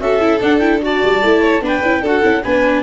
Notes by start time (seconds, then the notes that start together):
0.00 C#4 F#4 A4 E5
0.21 E4
0.40 D4 F#5
0.59 E4 G5
0.82 F#4 D5 A5
1.04 G3
1.22 A3 E4
1.41 C#5
1.61 B3 D4 B4 G5
1.83 C#4 E4
2.01 D4 F#4 A4 F#5
2.22 C#4 E4
2.43 B3 D4 B4 G#5